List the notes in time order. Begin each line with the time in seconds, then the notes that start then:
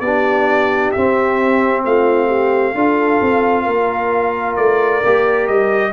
0.00 B3 D4 G4 D5
0.91 C4 E5
1.85 A3 F4 F5
2.27 G4
2.74 D4 F4 A4
3.21 C4
3.64 A#3 A#4
4.56 A3 D5
5.04 A#3 G4
5.47 G3 D#5